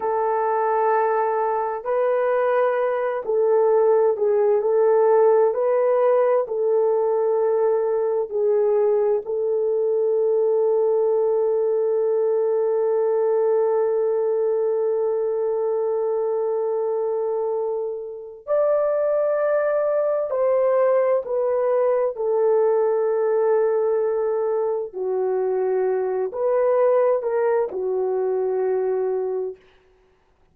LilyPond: \new Staff \with { instrumentName = "horn" } { \time 4/4 \tempo 4 = 65 a'2 b'4. a'8~ | a'8 gis'8 a'4 b'4 a'4~ | a'4 gis'4 a'2~ | a'1~ |
a'1 | d''2 c''4 b'4 | a'2. fis'4~ | fis'8 b'4 ais'8 fis'2 | }